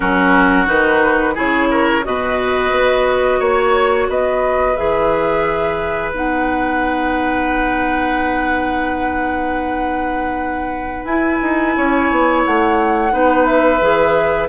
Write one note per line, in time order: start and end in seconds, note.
0.00 0.67 F#3
0.00 0.65 C#4
0.00 1.34 F#4
0.00 0.66 A#4
0.65 1.35 D#3
0.65 1.34 D#4
0.65 1.36 B4
1.34 2.05 C#3
1.34 2.02 E4
1.34 1.68 G#4
1.34 2.04 C#5
1.70 2.04 A#4
2.03 2.71 B2
2.03 4.76 F#4
2.03 3.39 B4
2.03 3.41 D#5
2.71 3.39 B3
3.39 4.08 A#3
3.39 4.07 C#5
3.39 4.09 C#5
4.08 4.76 B3
4.08 11.76 B4
4.08 4.76 D#5
4.76 6.12 E3
4.76 6.12 G#4
4.76 6.12 E5
6.12 11.04 B3
6.12 11.06 D#4
6.12 11.05 F#5
11.04 11.38 E4
11.04 13.11 E4
11.04 12.41 G#5
11.42 11.76 D#4
11.76 12.10 C#4
11.76 13.12 C#5
12.10 12.44 B3
12.45 13.12 A3
12.45 13.45 F#5
13.11 13.81 B3
13.11 13.79 D#4
13.11 14.48 B4
13.45 14.47 E5
13.80 14.48 E3
13.80 14.48 G#4